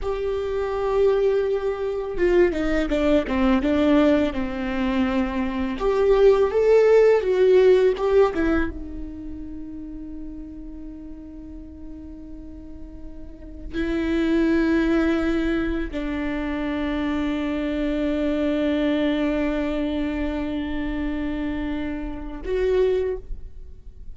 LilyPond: \new Staff \with { instrumentName = "viola" } { \time 4/4 \tempo 4 = 83 g'2. f'8 dis'8 | d'8 c'8 d'4 c'2 | g'4 a'4 fis'4 g'8 e'8 | dis'1~ |
dis'2. e'4~ | e'2 d'2~ | d'1~ | d'2. fis'4 | }